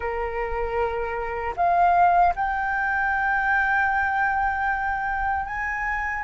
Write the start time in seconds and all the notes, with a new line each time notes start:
0.00 A#4
1.56 F5
2.35 G5
5.45 G#5